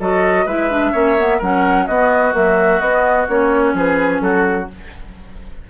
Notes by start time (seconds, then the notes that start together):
0.00 F#3 F#4 A4 D#5
0.46 G#3 E4 B4 E5
0.71 D4
0.93 A#3 C#4 C#5
1.18 B3
1.38 F#3 C#4 A#4 F#5
1.87 B3 F#4 D#5
2.34 F#3 A#3 E5
2.80 B3 D#5
3.29 A#3 C#4 C#5
3.74 F3 G#4 B4
4.21 F#3 F#4 A4